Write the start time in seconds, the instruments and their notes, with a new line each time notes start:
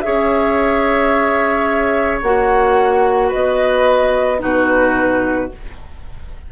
0.00 bassoon C#4, clarinet G#4, oboe C#5, flute E5
2.22 bassoon A#3, clarinet F#4, flute F#5
3.28 oboe B4, flute D#5
3.34 bassoon B3
4.38 bassoon B2, clarinet D#4, oboe F#4, flute B4